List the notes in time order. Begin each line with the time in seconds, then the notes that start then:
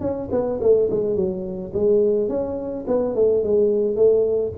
0.00 C#4
0.31 B3
0.60 A3
0.90 G#3
1.16 F#3
1.74 G#3
2.28 C#4
2.87 B3
3.15 A3
3.43 G#3
3.96 A3